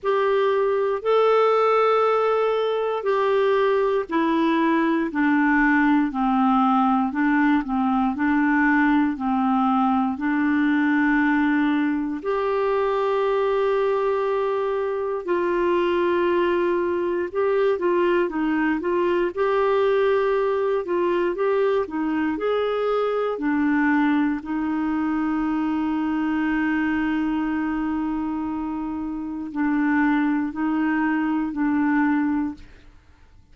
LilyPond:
\new Staff \with { instrumentName = "clarinet" } { \time 4/4 \tempo 4 = 59 g'4 a'2 g'4 | e'4 d'4 c'4 d'8 c'8 | d'4 c'4 d'2 | g'2. f'4~ |
f'4 g'8 f'8 dis'8 f'8 g'4~ | g'8 f'8 g'8 dis'8 gis'4 d'4 | dis'1~ | dis'4 d'4 dis'4 d'4 | }